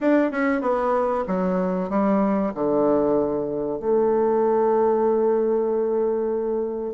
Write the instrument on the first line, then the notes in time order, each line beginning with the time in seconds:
bassoon
0.00 D4
0.31 C#4
0.61 B3
1.27 F#3
1.89 G3
2.54 D3
3.79 A3